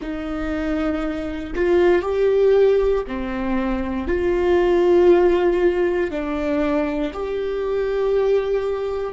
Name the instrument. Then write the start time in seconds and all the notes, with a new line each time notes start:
viola
0.01 D#4
1.55 F4
2.02 G4
3.07 C4
4.07 F4
6.10 D4
7.13 G4